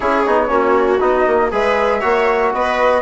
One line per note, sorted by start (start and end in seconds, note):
0.00 0.26 C#4
0.00 0.25 E4
0.00 0.49 G#4
0.00 1.00 C#5
0.26 0.49 B3
0.26 0.48 D#4
0.48 1.00 A#3
0.48 0.98 C#4
0.48 1.51 F#4
0.99 1.25 B3
0.99 1.50 D#4
0.99 1.50 D#5
1.27 1.52 A#3
1.51 2.02 G#3
1.51 2.01 G#4
1.51 2.00 B4
1.51 2.53 E5
2.00 2.53 A#3
2.00 3.01 F#4
2.00 2.51 C#5
2.53 3.01 B3
2.53 3.01 B4
2.53 3.01 D#5